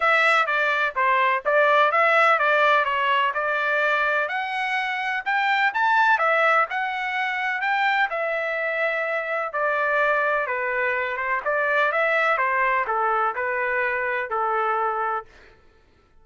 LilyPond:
\new Staff \with { instrumentName = "trumpet" } { \time 4/4 \tempo 4 = 126 e''4 d''4 c''4 d''4 | e''4 d''4 cis''4 d''4~ | d''4 fis''2 g''4 | a''4 e''4 fis''2 |
g''4 e''2. | d''2 b'4. c''8 | d''4 e''4 c''4 a'4 | b'2 a'2 | }